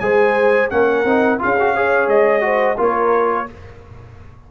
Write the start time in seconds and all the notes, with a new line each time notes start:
0.00 G#3 G#4 C5 G#5
0.70 A#3 C#4 A#4 F#5
1.05 C4 D#4
1.39 C#4 F4 G#4 F5
1.60 F#4
1.75 G#4 C#5
2.07 G#3 D#5
2.41 F#4 C5
2.77 A#3 F4 A#4 C#5